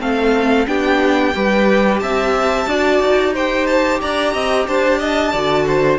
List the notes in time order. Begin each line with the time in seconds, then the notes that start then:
0.00 A3 C4 A4 F5
0.67 B3 D4 G4 G5
1.35 G3 G4 B4
2.00 C4 E5 A5
2.67 D4 F#4 D5
3.00 D#4
3.34 G4 C5 G5
3.67 A5
4.01 D4 D5 A#5
4.34 C4 D#5
4.68 D4 C5 A5
4.99 D#5
5.32 D3 F#4 D5
5.67 C5